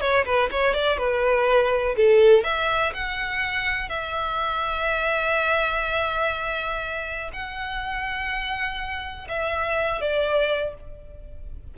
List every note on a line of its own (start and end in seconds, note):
0.00 0.24 C#5
0.25 0.49 B4
0.51 0.73 C#5
0.73 0.98 D5
0.98 1.95 B4
1.96 2.44 A4
2.44 2.92 E5
2.93 3.89 F#5
3.89 7.30 E5
7.33 9.28 F#5
9.28 10.01 E5
10.01 10.74 D5